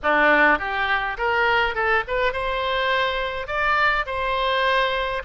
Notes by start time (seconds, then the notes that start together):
0.02 D4
0.59 G4
1.17 A#4
1.74 A4
2.07 B4
2.32 C5
3.47 D5
4.06 C5